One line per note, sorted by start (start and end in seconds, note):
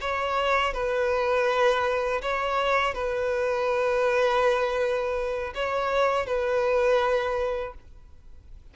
0.00 0.73 C#5
0.73 2.21 B4
2.21 2.94 C#5
2.94 5.53 B4
5.54 6.26 C#5
6.26 7.74 B4